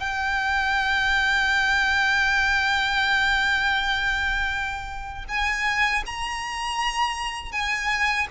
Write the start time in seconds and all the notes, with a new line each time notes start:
0.00 G5
5.29 G#5
6.06 A#5
7.52 G#5